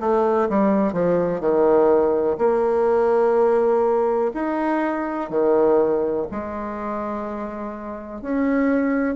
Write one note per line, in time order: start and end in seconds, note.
0.00 0.49 A3
0.49 0.93 G3
0.93 1.41 F3
1.41 2.38 D#3
2.38 4.32 A#3
4.35 5.30 D#4
5.30 6.27 D#3
6.32 8.22 G#3
8.22 9.16 C#4